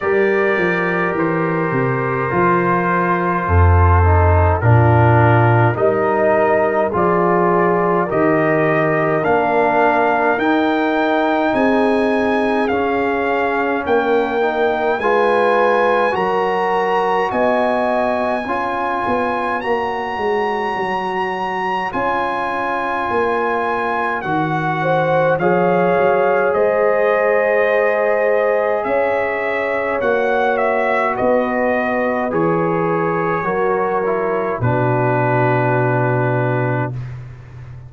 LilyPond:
<<
  \new Staff \with { instrumentName = "trumpet" } { \time 4/4 \tempo 4 = 52 d''4 c''2. | ais'4 dis''4 d''4 dis''4 | f''4 g''4 gis''4 f''4 | g''4 gis''4 ais''4 gis''4~ |
gis''4 ais''2 gis''4~ | gis''4 fis''4 f''4 dis''4~ | dis''4 e''4 fis''8 e''8 dis''4 | cis''2 b'2 | }
  \new Staff \with { instrumentName = "horn" } { \time 4/4 ais'2. a'4 | f'4 ais'4 gis'4 ais'4~ | ais'2 gis'2 | ais'4 b'4 ais'4 dis''4 |
cis''1~ | cis''4. c''8 cis''4 c''4~ | c''4 cis''2 b'4~ | b'4 ais'4 fis'2 | }
  \new Staff \with { instrumentName = "trombone" } { \time 4/4 g'2 f'4. dis'8 | d'4 dis'4 f'4 g'4 | d'4 dis'2 cis'4~ | cis'8 dis'8 f'4 fis'2 |
f'4 fis'2 f'4~ | f'4 fis'4 gis'2~ | gis'2 fis'2 | gis'4 fis'8 e'8 d'2 | }
  \new Staff \with { instrumentName = "tuba" } { \time 4/4 g8 f8 e8 c8 f4 f,4 | ais,4 g4 f4 dis4 | ais4 dis'4 c'4 cis'4 | ais4 gis4 fis4 b4 |
cis'8 b8 ais8 gis8 fis4 cis'4 | ais4 dis4 f8 fis8 gis4~ | gis4 cis'4 ais4 b4 | e4 fis4 b,2 | }
>>